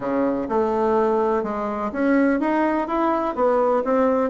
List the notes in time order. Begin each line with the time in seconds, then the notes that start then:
0.00 C#3
0.48 A3
1.43 G#3
1.92 C#4
2.40 D#4
2.87 E4
3.35 B3
3.84 C4